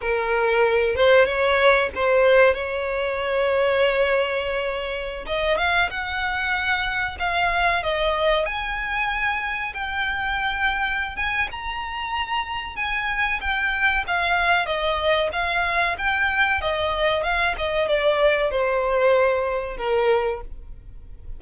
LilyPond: \new Staff \with { instrumentName = "violin" } { \time 4/4 \tempo 4 = 94 ais'4. c''8 cis''4 c''4 | cis''1~ | cis''16 dis''8 f''8 fis''2 f''8.~ | f''16 dis''4 gis''2 g''8.~ |
g''4. gis''8 ais''2 | gis''4 g''4 f''4 dis''4 | f''4 g''4 dis''4 f''8 dis''8 | d''4 c''2 ais'4 | }